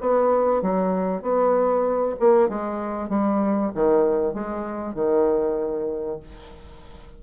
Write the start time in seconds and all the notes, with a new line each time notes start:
0.00 B3
0.62 F#3
1.22 B3
2.19 A#3
2.49 G#3
3.09 G3
3.74 D#3
4.34 G#3
4.94 D#3